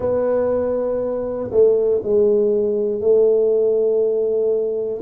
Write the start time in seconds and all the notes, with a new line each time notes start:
0.00 B3
1.50 A3
2.03 G#3
3.00 A3